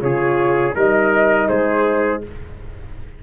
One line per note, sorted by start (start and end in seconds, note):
0.00 0.75 C#3
0.00 0.73 F4
0.00 0.75 G#4
0.00 0.74 C#5
0.75 1.48 G3
0.75 2.22 D#4
0.75 1.48 A#4
0.75 1.48 D#5
1.48 2.23 G#3
1.48 2.22 G#4
1.48 2.21 C5